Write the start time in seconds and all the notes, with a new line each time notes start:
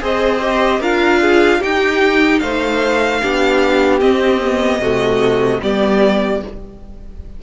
0.00 C4 G#4 C5 D#5
0.41 G4
0.80 D4 F4 A#4 F5
1.21 G#4
1.59 D#4 G4 G5
2.39 A3 C5 F5
3.21 B3 D4 G4
4.00 C4 D#5
4.42 B3
4.78 C3 A3 F#4
5.62 G3 B3 G4 D5